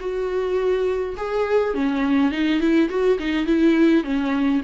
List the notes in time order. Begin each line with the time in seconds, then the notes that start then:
0.00 F#4
1.17 G#4
1.74 C#4
2.32 D#4
2.60 E4
2.89 F#4
3.19 D#4
3.46 E4
4.04 C#4